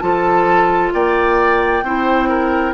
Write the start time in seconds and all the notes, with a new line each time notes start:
0.00 F3 F4 A4 A5
0.94 A#3 D5 G5
1.83 C4 E4 C5
2.30 A#4